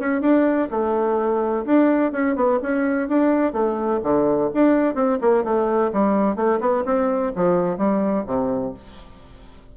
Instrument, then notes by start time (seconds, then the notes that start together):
bassoon
0.00 C#4
0.21 D4
0.71 A3
1.66 D4
2.12 C#4
2.36 B3
2.63 C#4
3.09 D4
3.53 A3
4.04 D3
4.54 D4
4.95 C4
5.22 A#3
5.44 A3
5.93 G3
6.36 A3
6.61 B3
6.85 C4
7.36 F3
7.78 G3
8.27 C3